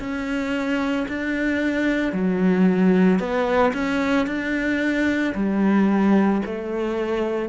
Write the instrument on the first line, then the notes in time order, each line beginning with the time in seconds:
cello
0.00 C#4
1.09 D4
2.13 F#3
3.19 B3
3.74 C#4
4.27 D4
5.35 G3
6.46 A3